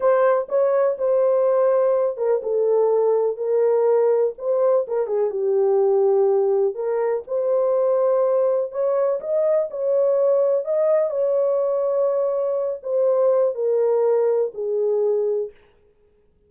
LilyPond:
\new Staff \with { instrumentName = "horn" } { \time 4/4 \tempo 4 = 124 c''4 cis''4 c''2~ | c''8 ais'8 a'2 ais'4~ | ais'4 c''4 ais'8 gis'8 g'4~ | g'2 ais'4 c''4~ |
c''2 cis''4 dis''4 | cis''2 dis''4 cis''4~ | cis''2~ cis''8 c''4. | ais'2 gis'2 | }